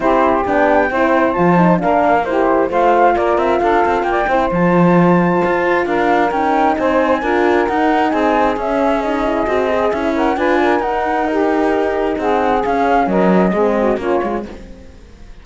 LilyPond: <<
  \new Staff \with { instrumentName = "flute" } { \time 4/4 \tempo 4 = 133 c''4 g''2 a''4 | f''4 c''4 f''4 d''8 e''8 | f''4 g''4 a''2~ | a''4 f''4 g''4 gis''4~ |
gis''4 fis''4 gis''4 e''4 | dis''2 e''8 fis''8 gis''4 | fis''4 ais'2 fis''4 | f''4 dis''2 cis''4 | }
  \new Staff \with { instrumentName = "saxophone" } { \time 4/4 g'2 c''2 | ais'4 g'4 c''4 ais'4 | a'4 d''8 c''2~ c''8~ | c''4 ais'2 c''4 |
ais'2 gis'2~ | gis'2~ gis'8 ais'8 b'8 ais'8~ | ais'4 g'2 gis'4~ | gis'4 ais'4 gis'8 fis'8 f'4 | }
  \new Staff \with { instrumentName = "horn" } { \time 4/4 e'4 d'4 e'4 f'8 dis'8 | d'4 e'4 f'2~ | f'4. e'8 f'2~ | f'2 dis'2 |
f'4 dis'2 cis'4 | dis'8 e'8 fis'8 gis'8 e'4 f'4 | dis'1 | cis'2 c'4 cis'8 f'8 | }
  \new Staff \with { instrumentName = "cello" } { \time 4/4 c'4 b4 c'4 f4 | ais2 a4 ais8 c'8 | d'8 c'8 ais8 c'8 f2 | f'4 d'4 cis'4 c'4 |
d'4 dis'4 c'4 cis'4~ | cis'4 c'4 cis'4 d'4 | dis'2. c'4 | cis'4 fis4 gis4 ais8 gis8 | }
>>